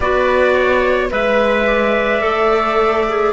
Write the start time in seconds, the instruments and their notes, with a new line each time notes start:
0.00 cello B3, clarinet F#4, viola B4, trumpet D5
0.54 viola C#5
1.09 cello G#3, viola B4, clarinet B4, trumpet E5
1.66 viola D5
2.21 cello A3, clarinet A4
3.08 clarinet G#4